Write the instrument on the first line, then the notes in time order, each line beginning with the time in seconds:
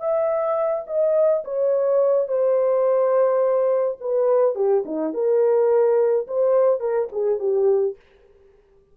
horn
0.00 E5
0.87 D#5
1.45 C#5
2.28 C5
4.01 B4
4.56 G4
4.86 D#4
5.14 A#4
6.28 C5
6.81 A#4
7.12 G#4
7.40 G4